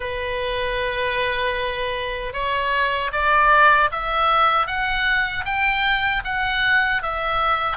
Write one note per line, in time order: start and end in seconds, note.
0.00 2.33 B4
2.33 3.11 C#5
3.12 3.90 D5
3.91 4.66 E5
4.66 5.44 F#5
5.45 6.23 G5
6.24 7.02 F#5
7.02 7.77 E5